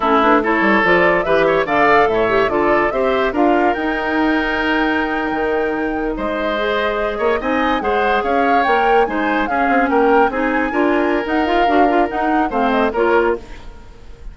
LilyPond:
<<
  \new Staff \with { instrumentName = "flute" } { \time 4/4 \tempo 4 = 144 a'8 b'8 cis''4 d''4 e''4 | f''4 e''4 d''4 e''4 | f''4 g''2.~ | g''2~ g''8. dis''4~ dis''16~ |
dis''4.~ dis''16 gis''4 fis''4 f''16~ | f''8. g''4 gis''4 f''4 g''16~ | g''8. gis''2~ gis''16 fis''8 f''8~ | f''4 fis''4 f''8 dis''8 cis''4 | }
  \new Staff \with { instrumentName = "oboe" } { \time 4/4 e'4 a'2 b'8 cis''8 | d''4 cis''4 a'4 c''4 | ais'1~ | ais'2~ ais'8. c''4~ c''16~ |
c''4~ c''16 cis''8 dis''4 c''4 cis''16~ | cis''4.~ cis''16 c''4 gis'4 ais'16~ | ais'8. gis'4 ais'2~ ais'16~ | ais'2 c''4 ais'4 | }
  \new Staff \with { instrumentName = "clarinet" } { \time 4/4 cis'8 d'8 e'4 f'4 g'4 | a'4. g'8 f'4 g'4 | f'4 dis'2.~ | dis'2.~ dis'8. gis'16~ |
gis'4.~ gis'16 dis'4 gis'4~ gis'16~ | gis'8. ais'4 dis'4 cis'4~ cis'16~ | cis'8. dis'4 f'4~ f'16 dis'8 f'8 | fis'8 f'8 dis'4 c'4 f'4 | }
  \new Staff \with { instrumentName = "bassoon" } { \time 4/4 a4. g8 f4 e4 | d4 a,4 d4 c'4 | d'4 dis'2.~ | dis'8. dis2 gis4~ gis16~ |
gis4~ gis16 ais8 c'4 gis4 cis'16~ | cis'8. ais4 gis4 cis'8 c'8 ais16~ | ais8. c'4 d'4~ d'16 dis'4 | d'4 dis'4 a4 ais4 | }
>>